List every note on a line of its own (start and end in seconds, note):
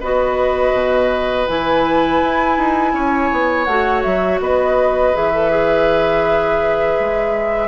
0.00 0.73 B3
0.00 1.48 F#4
0.00 2.93 B4
0.00 1.47 D#5
0.73 1.46 B2
1.47 2.22 E3
1.47 3.67 E4
1.47 3.65 G#5
2.23 2.58 E4
2.58 2.93 D#4
2.93 3.30 C#4
2.93 4.41 C#5
3.32 3.67 B3
3.65 4.04 A3
3.65 5.14 F#4
3.65 4.01 F#5
4.02 4.40 F#3
4.02 4.39 E5
4.40 5.13 B3
4.40 7.68 B4
4.40 5.16 D#5
5.14 6.99 E3
5.14 5.32 G#4
5.14 7.68 E5
5.33 5.51 A4
5.51 7.68 G#4
7.00 7.68 G#3